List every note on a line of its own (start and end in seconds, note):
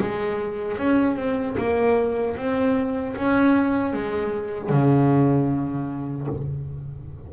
0.00 0.78 G#3
0.78 1.16 C#4
1.16 1.56 C4
1.58 2.36 A#3
2.36 3.15 C4
3.16 3.93 C#4
3.93 4.69 G#3
4.69 6.27 C#3